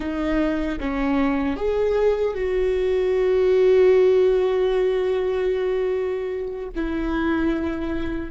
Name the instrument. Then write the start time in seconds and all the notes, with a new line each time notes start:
viola
0.00 D#4
0.79 C#4
1.56 G#4
2.34 F#4
6.75 E4